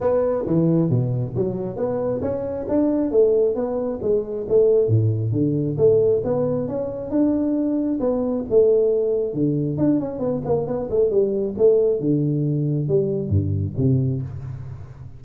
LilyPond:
\new Staff \with { instrumentName = "tuba" } { \time 4/4 \tempo 4 = 135 b4 e4 b,4 fis4 | b4 cis'4 d'4 a4 | b4 gis4 a4 a,4 | d4 a4 b4 cis'4 |
d'2 b4 a4~ | a4 d4 d'8 cis'8 b8 ais8 | b8 a8 g4 a4 d4~ | d4 g4 g,4 c4 | }